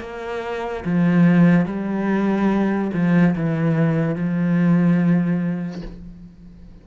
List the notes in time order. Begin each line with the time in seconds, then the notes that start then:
0.00 A#3
0.85 F3
1.66 G3
2.93 F3
3.35 E3
4.15 F3